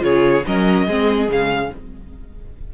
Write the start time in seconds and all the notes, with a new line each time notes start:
0.00 C#3 F4 G#4 C#5
0.47 F#3 C#4 A#4 D#5
0.87 G#3 C4 G#4
1.28 C#3 G#3 F5